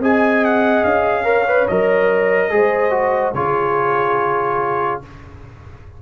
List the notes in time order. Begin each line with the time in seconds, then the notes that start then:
0.00 C4 G#4 D#5 G#5
0.45 F#5
0.84 C#4 F5
1.24 A#4 C#5
1.48 B4
1.68 F#3 A#4 D#5
2.50 G#3 G#4 C5
2.91 F#4
3.34 C#3 F4 G#4 C#5